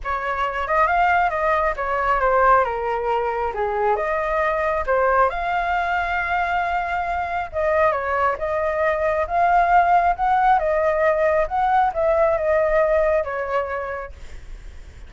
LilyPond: \new Staff \with { instrumentName = "flute" } { \time 4/4 \tempo 4 = 136 cis''4. dis''8 f''4 dis''4 | cis''4 c''4 ais'2 | gis'4 dis''2 c''4 | f''1~ |
f''4 dis''4 cis''4 dis''4~ | dis''4 f''2 fis''4 | dis''2 fis''4 e''4 | dis''2 cis''2 | }